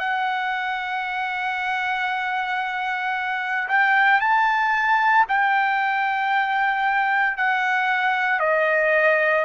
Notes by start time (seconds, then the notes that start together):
0.00 F#5
3.69 G5
4.21 A5
5.29 G5
7.37 F#5
8.40 D#5